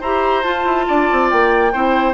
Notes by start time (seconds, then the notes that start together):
0.00 E4 G4 C5 A#5
0.43 F4 A5
0.65 E4
0.88 D4 D5
1.11 C4
1.30 A#3 G5
1.73 C4 E4 C5